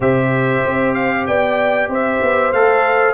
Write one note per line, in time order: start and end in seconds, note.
0.00 0.63 C3
0.00 2.53 G4
0.00 1.26 C5
0.00 0.94 E5
0.66 1.27 C4
0.94 1.25 F5
1.27 1.88 B3
1.27 1.90 D5
1.27 1.90 G5
1.88 2.19 C4
1.88 3.13 C5
1.88 2.52 E5
2.22 2.52 B3
2.52 3.13 A3
2.52 3.13 A4
2.52 3.13 F5